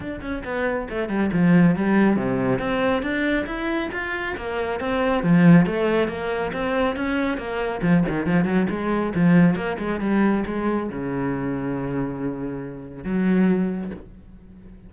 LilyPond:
\new Staff \with { instrumentName = "cello" } { \time 4/4 \tempo 4 = 138 d'8 cis'8 b4 a8 g8 f4 | g4 c4 c'4 d'4 | e'4 f'4 ais4 c'4 | f4 a4 ais4 c'4 |
cis'4 ais4 f8 dis8 f8 fis8 | gis4 f4 ais8 gis8 g4 | gis4 cis2.~ | cis2 fis2 | }